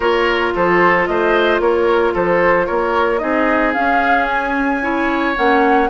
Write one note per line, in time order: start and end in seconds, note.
0.00 0.54 A#3
0.00 3.20 F4
0.00 0.53 A#4
0.00 0.52 C#5
0.55 1.08 F3
0.55 1.08 A4
0.55 1.06 C5
1.06 1.59 A3
1.06 1.61 C5
1.06 1.59 D#5
1.59 2.13 A#3
1.59 2.13 A#4
1.59 2.13 C#5
2.13 2.68 F3
2.13 2.66 A4
2.13 2.66 C5
2.66 3.22 A#3
2.66 3.19 A#4
2.66 3.18 C#5
3.18 3.75 C4
3.18 3.73 D#4
3.18 4.83 G#4
3.18 3.72 D#5
3.73 4.80 C#4
3.73 5.38 C#4
3.73 4.27 F5
4.28 5.35 G#5
4.81 5.34 E4
4.81 5.89 C#5
5.34 5.89 A#3
5.34 5.88 C#4
5.34 5.89 F#5